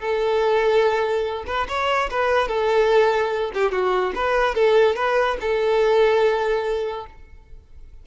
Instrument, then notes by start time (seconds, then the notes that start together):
violin
0.00 A4
1.47 B4
1.69 C#5
2.11 B4
2.48 A4
3.54 G4
3.72 F#4
4.15 B4
4.55 A4
4.96 B4
5.41 A4